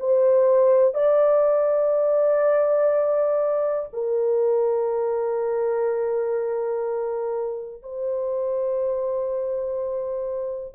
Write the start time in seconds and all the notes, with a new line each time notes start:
0.00 C5
0.94 D5
3.93 A#4
7.82 C5